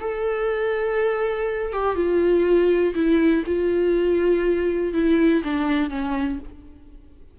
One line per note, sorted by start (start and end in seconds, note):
0.00 1.72 A4
1.72 1.95 G4
1.95 2.93 F4
2.94 3.44 E4
3.46 4.93 F4
4.93 5.42 E4
5.43 5.89 D4
5.89 6.39 C#4